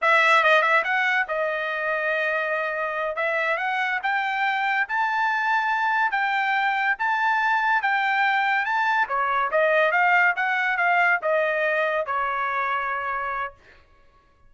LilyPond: \new Staff \with { instrumentName = "trumpet" } { \time 4/4 \tempo 4 = 142 e''4 dis''8 e''8 fis''4 dis''4~ | dis''2.~ dis''8 e''8~ | e''8 fis''4 g''2 a''8~ | a''2~ a''8 g''4.~ |
g''8 a''2 g''4.~ | g''8 a''4 cis''4 dis''4 f''8~ | f''8 fis''4 f''4 dis''4.~ | dis''8 cis''2.~ cis''8 | }